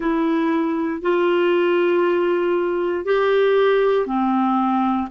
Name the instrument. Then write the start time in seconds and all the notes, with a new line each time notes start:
clarinet
0.00 E4
1.01 F4
3.05 G4
4.06 C4